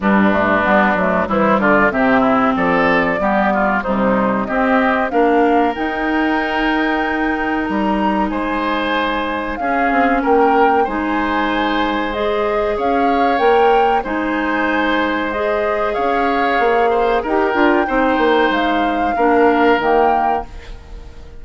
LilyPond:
<<
  \new Staff \with { instrumentName = "flute" } { \time 4/4 \tempo 4 = 94 b'2 c''8 d''8 e''4 | d''2 c''4 dis''4 | f''4 g''2. | ais''4 gis''2 f''4 |
g''4 gis''2 dis''4 | f''4 g''4 gis''2 | dis''4 f''2 g''4~ | g''4 f''2 g''4 | }
  \new Staff \with { instrumentName = "oboe" } { \time 4/4 d'2 e'8 f'8 g'8 e'8 | a'4 g'8 f'8 dis'4 g'4 | ais'1~ | ais'4 c''2 gis'4 |
ais'4 c''2. | cis''2 c''2~ | c''4 cis''4. c''8 ais'4 | c''2 ais'2 | }
  \new Staff \with { instrumentName = "clarinet" } { \time 4/4 g8 a8 b8 a8 g4 c'4~ | c'4 b4 g4 c'4 | d'4 dis'2.~ | dis'2. cis'4~ |
cis'4 dis'2 gis'4~ | gis'4 ais'4 dis'2 | gis'2. g'8 f'8 | dis'2 d'4 ais4 | }
  \new Staff \with { instrumentName = "bassoon" } { \time 4/4 g,4 g8 fis8 e8 d8 c4 | f4 g4 c4 c'4 | ais4 dis'2. | g4 gis2 cis'8 c'8 |
ais4 gis2. | cis'4 ais4 gis2~ | gis4 cis'4 ais4 dis'8 d'8 | c'8 ais8 gis4 ais4 dis4 | }
>>